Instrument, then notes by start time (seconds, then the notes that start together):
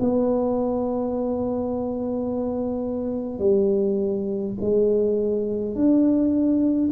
tuba
0.00 B3
3.39 G3
4.61 G#3
5.75 D4